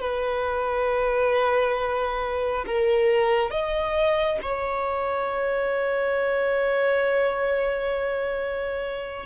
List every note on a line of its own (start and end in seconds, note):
0.00 2.65 B4
2.66 3.50 A#4
3.50 4.38 D#5
4.42 9.26 C#5